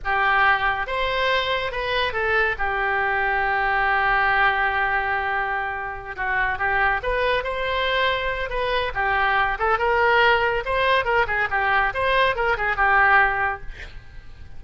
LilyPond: \new Staff \with { instrumentName = "oboe" } { \time 4/4 \tempo 4 = 141 g'2 c''2 | b'4 a'4 g'2~ | g'1~ | g'2~ g'8 fis'4 g'8~ |
g'8 b'4 c''2~ c''8 | b'4 g'4. a'8 ais'4~ | ais'4 c''4 ais'8 gis'8 g'4 | c''4 ais'8 gis'8 g'2 | }